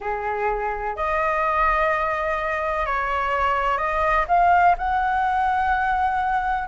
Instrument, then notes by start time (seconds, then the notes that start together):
flute
0.00 G#4
0.96 D#5
2.86 C#5
3.77 D#5
4.28 F5
4.78 F#5